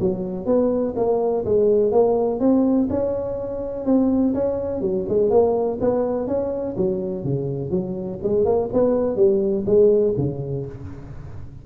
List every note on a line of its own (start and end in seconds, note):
0.00 0.46 F#3
0.46 0.94 B3
0.96 1.44 A#3
1.45 1.92 G#3
1.92 2.40 A#3
2.40 2.88 C4
2.90 3.85 C#4
3.85 4.34 C4
4.34 4.81 C#4
4.81 5.05 F#3
5.09 5.30 G#3
5.30 5.78 A#3
5.81 6.27 B3
6.27 6.76 C#4
6.77 7.24 F#3
7.24 7.70 C#3
7.70 8.19 F#3
8.23 8.45 G#3
8.45 8.69 A#3
8.73 9.16 B3
9.16 9.64 G3
9.66 10.14 G#3
10.17 10.66 C#3